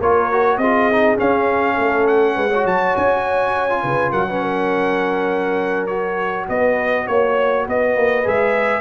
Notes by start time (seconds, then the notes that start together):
0.00 A#3 F4 A#4 C#5
0.32 F#4
0.58 C4 F4 G#4 D#5
0.92 D#4
1.17 C#4 F5
1.75 A3 A4
2.07 F#5
2.35 G#3 B4
2.49 F#4 C#5
2.65 F#3 A5
2.97 C#4 G#5
3.70 F4
3.83 C#3 B4
4.12 F#3 A#4 F#5
4.28 C#4 B4
4.42 A#4
5.87 F#4 C#5
6.49 B3 B4 D#5
7.06 A#3 C#5
7.66 B3 B4 D#5
7.96 A#3
8.24 G#3 G#4 E5